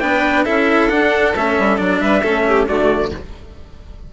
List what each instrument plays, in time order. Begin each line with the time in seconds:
0.00 bassoon B3, cello D4, violin B4, trumpet G5
0.45 bassoon C#4, cello E4, violin A4, trumpet E5
0.89 cello D4, bassoon D4, trumpet F#5
1.36 bassoon A3, cello C#4, trumpet E5
1.59 bassoon G3
1.78 bassoon F#3, cello D4, trumpet D5
2.00 bassoon G3, violin B4, trumpet E5
2.22 bassoon A3, cello C#4, violin A4
2.48 violin G4
2.67 bassoon D3, cello A3, violin F#4, trumpet D5